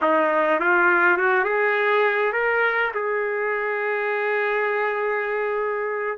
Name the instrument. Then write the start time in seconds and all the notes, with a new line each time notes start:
trumpet
0.01 D#4
0.60 F4
1.17 F#4
1.44 G#4
2.32 A#4
2.94 G#4